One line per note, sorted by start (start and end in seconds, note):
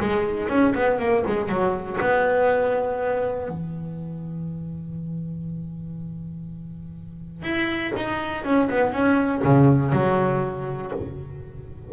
0.00 0.49 G#3
0.49 0.74 C#4
0.75 0.99 B3
0.99 1.24 A#3
1.27 1.49 G#3
1.49 1.99 F#3
2.01 3.49 B3
3.49 7.43 E3
7.43 7.92 E4
7.97 8.44 D#4
8.44 8.69 C#4
8.70 8.93 B3
8.93 9.42 C#4
9.44 9.93 C#3
9.93 10.92 F#3